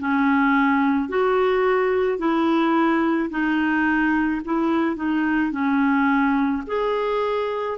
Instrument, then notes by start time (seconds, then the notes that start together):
clarinet
0.00 C#4
1.10 F#4
2.19 E4
3.30 D#4
4.45 E4
4.96 D#4
5.52 C#4
6.68 G#4